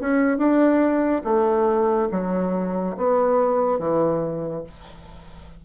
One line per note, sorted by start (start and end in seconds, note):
0.00 0.38 C#4
0.38 1.22 D4
1.24 2.09 A3
2.12 2.96 F#3
2.97 3.79 B3
3.79 4.64 E3